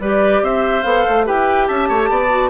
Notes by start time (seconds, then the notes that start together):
0.00 G3 G4 B4 D5
0.42 C4 C5 E5
0.84 B3 A4 F5
1.09 A3
1.25 E4 G4 B4 G5
1.68 C#4 E5 A5
1.89 A3 C#5
2.10 B3 D5
2.30 F#4